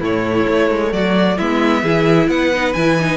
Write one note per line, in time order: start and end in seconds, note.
0.00 0.46 A2
0.00 1.38 A3
0.00 0.91 E4
0.00 0.92 C#5
0.48 0.70 A3
0.70 0.92 G#3
0.92 1.38 F#3
0.92 1.37 F#4
0.92 1.38 D5
1.37 1.83 G#3
1.37 1.85 B3
1.37 1.82 E4
1.37 2.29 E5
1.82 2.28 E3
1.82 2.53 E4
1.82 2.28 G#4
2.28 2.73 B3
2.28 3.17 B4
2.28 2.73 F#5
2.54 2.75 D#4
2.73 3.17 E3
2.73 2.97 E4
2.73 3.17 G#5
3.00 3.17 D#4